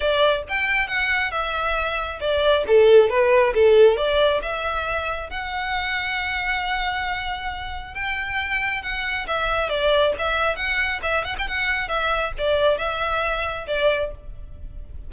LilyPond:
\new Staff \with { instrumentName = "violin" } { \time 4/4 \tempo 4 = 136 d''4 g''4 fis''4 e''4~ | e''4 d''4 a'4 b'4 | a'4 d''4 e''2 | fis''1~ |
fis''2 g''2 | fis''4 e''4 d''4 e''4 | fis''4 e''8 fis''16 g''16 fis''4 e''4 | d''4 e''2 d''4 | }